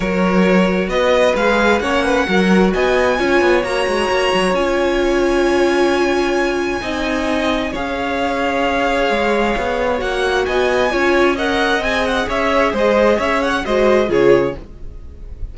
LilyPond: <<
  \new Staff \with { instrumentName = "violin" } { \time 4/4 \tempo 4 = 132 cis''2 dis''4 f''4 | fis''2 gis''2 | ais''2 gis''2~ | gis''1~ |
gis''4 f''2.~ | f''2 fis''4 gis''4~ | gis''4 fis''4 gis''8 fis''8 e''4 | dis''4 e''8 fis''8 dis''4 cis''4 | }
  \new Staff \with { instrumentName = "violin" } { \time 4/4 ais'2 b'2 | cis''8 b'8 ais'4 dis''4 cis''4~ | cis''1~ | cis''2. dis''4~ |
dis''4 cis''2.~ | cis''2. dis''4 | cis''4 dis''2 cis''4 | c''4 cis''4 c''4 gis'4 | }
  \new Staff \with { instrumentName = "viola" } { \time 4/4 fis'2. gis'4 | cis'4 fis'2 f'4 | fis'2 f'2~ | f'2. dis'4~ |
dis'4 gis'2.~ | gis'2 fis'2 | f'4 ais'4 gis'2~ | gis'2 fis'4 f'4 | }
  \new Staff \with { instrumentName = "cello" } { \time 4/4 fis2 b4 gis4 | ais4 fis4 b4 cis'8 b8 | ais8 gis8 ais8 fis8 cis'2~ | cis'2. c'4~ |
c'4 cis'2. | gis4 b4 ais4 b4 | cis'2 c'4 cis'4 | gis4 cis'4 gis4 cis4 | }
>>